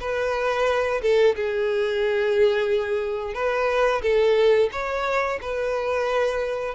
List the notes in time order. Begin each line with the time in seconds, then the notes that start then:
0.00 B4
1.01 A4
1.36 G#4
3.34 B4
4.02 A4
4.72 C#5
5.41 B4